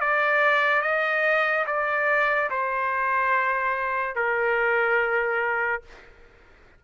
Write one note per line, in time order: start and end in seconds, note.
0.00 0.82 D5
0.82 1.65 D#5
1.66 2.50 D5
2.50 4.15 C5
4.15 5.82 A#4